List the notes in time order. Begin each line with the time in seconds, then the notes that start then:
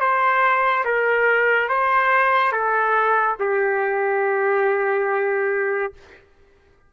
0.00 C5
0.85 A#4
1.69 C5
2.52 A4
3.40 G4